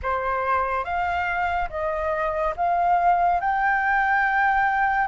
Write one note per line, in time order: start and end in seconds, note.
0.02 0.84 C5
0.84 1.69 F5
1.69 2.54 D#5
2.56 3.40 F5
3.40 5.07 G5